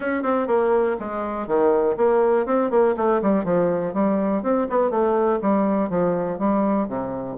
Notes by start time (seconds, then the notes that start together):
0.00 C#4
0.23 C4
0.47 A#3
0.99 G#3
1.47 D#3
1.96 A#3
2.46 C4
2.70 A#3
2.96 A3
3.22 G3
3.44 F3
3.93 G3
4.42 C4
4.69 B3
4.90 A3
5.41 G3
5.89 F3
6.38 G3
6.88 C3